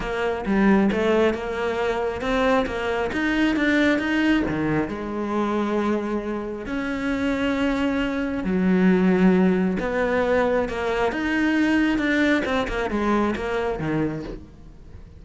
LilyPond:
\new Staff \with { instrumentName = "cello" } { \time 4/4 \tempo 4 = 135 ais4 g4 a4 ais4~ | ais4 c'4 ais4 dis'4 | d'4 dis'4 dis4 gis4~ | gis2. cis'4~ |
cis'2. fis4~ | fis2 b2 | ais4 dis'2 d'4 | c'8 ais8 gis4 ais4 dis4 | }